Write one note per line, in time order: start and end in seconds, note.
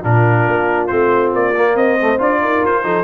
0.00 0.47 A#2
0.00 0.90 D4
0.00 1.73 F4
0.00 0.87 A#4
0.47 0.90 A#3
0.87 1.33 A3
0.87 1.54 C4
0.87 1.30 C5
1.33 1.75 A#3
1.33 1.76 D5
1.55 1.99 A#3
1.75 2.18 C4
1.75 2.40 C5
1.75 2.20 D#5
2.01 2.18 A3
2.18 2.40 D4
2.18 2.83 F4
2.18 2.65 D5
2.40 2.62 D#4
2.40 2.85 A#4
2.63 2.84 F4
2.63 3.04 C5
2.83 3.04 F3
2.83 3.04 D#4
2.83 3.04 A4